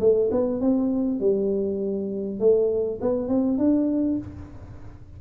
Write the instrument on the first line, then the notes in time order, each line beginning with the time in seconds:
tuba
0.00 A3
0.31 B3
0.61 C4
1.20 G3
2.40 A3
3.02 B3
3.28 C4
3.58 D4